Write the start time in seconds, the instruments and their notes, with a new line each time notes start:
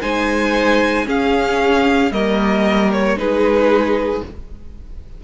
0.00 cello G#3, viola D#4, violin C5 G#5
1.04 viola C#4, cello C#4, violin G#4 F5
2.11 cello G3, viola A#3, violin A#4 D#5
2.92 violin C#5
3.15 cello G#3, viola D#4, violin G#4 B4